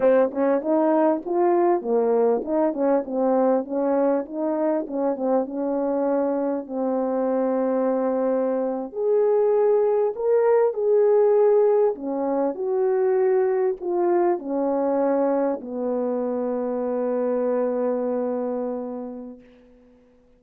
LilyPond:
\new Staff \with { instrumentName = "horn" } { \time 4/4 \tempo 4 = 99 c'8 cis'8 dis'4 f'4 ais4 | dis'8 cis'8 c'4 cis'4 dis'4 | cis'8 c'8 cis'2 c'4~ | c'2~ c'8. gis'4~ gis'16~ |
gis'8. ais'4 gis'2 cis'16~ | cis'8. fis'2 f'4 cis'16~ | cis'4.~ cis'16 b2~ b16~ | b1 | }